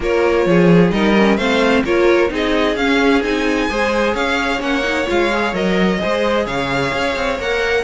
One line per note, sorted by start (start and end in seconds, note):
0.00 0.46 A#3
0.00 0.91 F4
0.00 0.47 A#4
0.00 0.90 C#5
0.46 0.91 F3
0.46 0.94 G#4
0.90 1.37 G3
0.90 1.14 D#4
0.90 1.37 A#4
0.90 1.36 D#5
1.17 1.39 C#4
1.36 1.83 A3
1.36 1.85 C4
1.36 1.83 C5
1.36 1.83 F5
1.84 2.30 A#3
1.84 2.29 F4
1.84 2.31 A#4
1.84 2.31 C#5
2.29 2.75 C4
2.29 2.75 D#4
2.29 3.69 G#4
2.35 2.76 D#5
2.75 3.21 C#4
2.75 3.23 C#4
2.75 3.22 F5
3.23 3.69 C4
3.23 3.69 D#4
3.23 4.15 G#5
3.69 4.14 G#3
3.69 4.59 G#4
3.69 4.14 C5
4.14 4.60 C#4
4.14 5.99 C#5
4.14 4.61 F5
4.59 5.06 A#3
4.59 4.82 C#4
4.59 5.08 F#5
4.83 5.06 D#4
5.07 5.52 G#3
5.07 5.30 F4
5.07 5.54 F5
5.32 5.54 G#4
5.52 5.98 F#3
5.52 5.98 A#4
5.52 6.46 D#5
5.98 6.46 G#3
5.98 7.37 G#4
5.98 6.45 C5
6.45 6.92 C#3
6.45 7.84 C#5
6.45 7.38 F5
6.93 7.15 C#4
7.15 7.38 C4
7.38 7.84 A#3
7.38 7.84 A#4
7.38 7.84 F#5